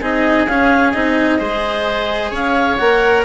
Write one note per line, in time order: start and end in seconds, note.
0.00 0.46 C4
0.00 0.48 D#4
0.00 1.39 G#4
0.00 0.47 D#5
0.46 0.93 C#4
0.46 0.92 F5
0.92 1.40 C4
0.92 1.38 D#4
0.92 2.31 D#5
1.38 2.31 G#3
1.38 2.78 G#4
1.38 2.31 C5
2.31 2.77 C#4
2.31 3.24 C#5
2.31 2.77 F5
2.77 3.25 A#3
2.77 3.25 A#4
2.77 3.24 F#5